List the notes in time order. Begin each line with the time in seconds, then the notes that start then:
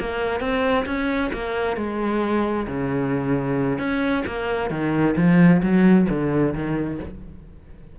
0.00 A#3
0.41 C4
0.86 C#4
1.33 A#3
1.77 G#3
2.68 C#3
3.79 C#4
4.27 A#3
4.70 D#3
5.17 F3
5.63 F#3
6.10 D3
6.54 D#3